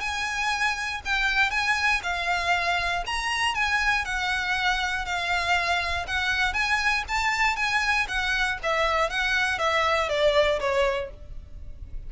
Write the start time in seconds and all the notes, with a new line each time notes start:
0.00 G#5
1.05 G5
1.51 G#5
2.03 F5
3.06 A#5
3.55 G#5
4.05 F#5
5.05 F5
6.07 F#5
6.53 G#5
7.08 A5
7.56 G#5
8.08 F#5
8.63 E5
9.10 F#5
9.58 E5
10.09 D5
10.60 C#5